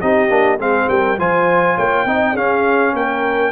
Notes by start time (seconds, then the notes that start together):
0.00 C4 D#4 G4 D#5
0.29 A#3 D4
0.58 G#3 C4 G#4 F5
0.89 G3 A#4 G5
1.18 F3 F4 C5 G#5
1.76 A#3 C#5 G5
2.05 C4 D#4 D#5
2.33 C#4 G#4 F5
2.94 A#3 A#4 G5